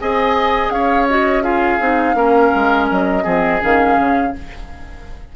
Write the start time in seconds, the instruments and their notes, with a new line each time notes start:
0.00 bassoon C4, clarinet G#4, oboe D#5, flute G#5
0.69 bassoon C#4, oboe C#5, flute F5
1.08 clarinet F#4, flute D#5
1.42 clarinet F4, oboe G#4, flute F5
1.80 bassoon C4, clarinet D#4
2.14 bassoon A#3, clarinet C#4, oboe A#4
2.55 bassoon G#3
2.90 bassoon F#3, flute D#5
3.23 bassoon F3, clarinet C4, oboe G#4
3.61 bassoon D#3, clarinet C#4, flute F5
3.98 bassoon C#3